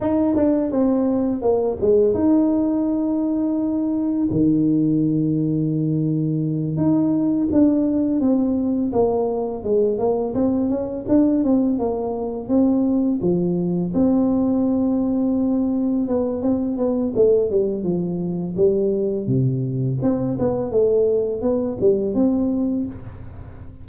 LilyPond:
\new Staff \with { instrumentName = "tuba" } { \time 4/4 \tempo 4 = 84 dis'8 d'8 c'4 ais8 gis8 dis'4~ | dis'2 dis2~ | dis4. dis'4 d'4 c'8~ | c'8 ais4 gis8 ais8 c'8 cis'8 d'8 |
c'8 ais4 c'4 f4 c'8~ | c'2~ c'8 b8 c'8 b8 | a8 g8 f4 g4 c4 | c'8 b8 a4 b8 g8 c'4 | }